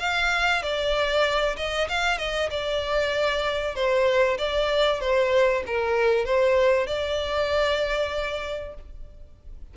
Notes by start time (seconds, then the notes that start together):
0.00 F5
0.62 D5
1.57 D#5
1.89 F5
2.18 D#5
2.51 D5
3.76 C5
4.38 D5
5.01 C5
5.67 A#4
6.26 C5
6.87 D5